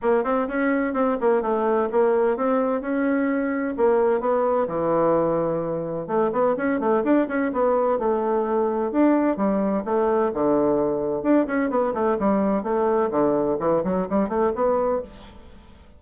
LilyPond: \new Staff \with { instrumentName = "bassoon" } { \time 4/4 \tempo 4 = 128 ais8 c'8 cis'4 c'8 ais8 a4 | ais4 c'4 cis'2 | ais4 b4 e2~ | e4 a8 b8 cis'8 a8 d'8 cis'8 |
b4 a2 d'4 | g4 a4 d2 | d'8 cis'8 b8 a8 g4 a4 | d4 e8 fis8 g8 a8 b4 | }